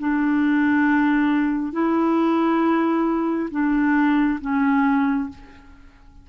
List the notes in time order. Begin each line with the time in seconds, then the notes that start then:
0.00 D4
1.73 E4
3.51 D4
4.41 C#4